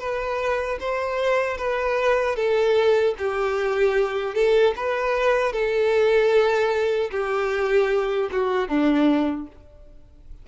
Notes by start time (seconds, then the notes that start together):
0.00 B4
0.80 C5
1.58 B4
2.36 A4
3.18 G4
4.35 A4
4.77 B4
5.53 A4
7.11 G4
8.32 F#4
8.68 D4